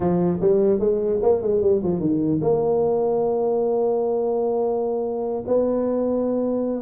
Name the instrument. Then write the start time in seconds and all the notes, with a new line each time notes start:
tuba
0.00 F3
0.40 G3
0.79 G#3
1.22 A#3
1.42 G#3
1.61 G3
1.83 F3
2.00 D#3
2.41 A#3
5.47 B3